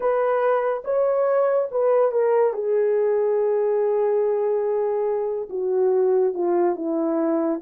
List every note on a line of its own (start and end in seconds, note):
0.00 0.83 B4
0.84 1.68 C#5
1.71 2.11 B4
2.11 2.53 A#4
2.53 5.49 G#4
5.49 6.33 F#4
6.33 6.75 F4
6.75 7.60 E4